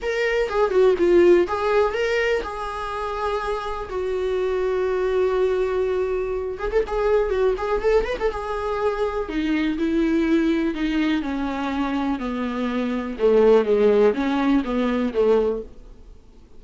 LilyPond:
\new Staff \with { instrumentName = "viola" } { \time 4/4 \tempo 4 = 123 ais'4 gis'8 fis'8 f'4 gis'4 | ais'4 gis'2. | fis'1~ | fis'4. gis'16 a'16 gis'4 fis'8 gis'8 |
a'8 b'16 a'16 gis'2 dis'4 | e'2 dis'4 cis'4~ | cis'4 b2 a4 | gis4 cis'4 b4 a4 | }